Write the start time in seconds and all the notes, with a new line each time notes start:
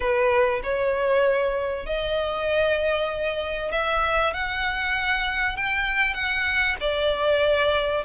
0.00 B4
0.63 C#5
1.86 D#5
3.71 E5
4.33 F#5
5.56 G5
6.14 F#5
6.80 D5